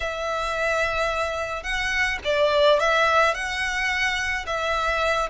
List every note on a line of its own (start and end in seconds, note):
0.00 1.63 E5
1.63 2.18 F#5
2.24 2.79 D5
2.79 3.34 E5
3.34 4.45 F#5
4.46 5.29 E5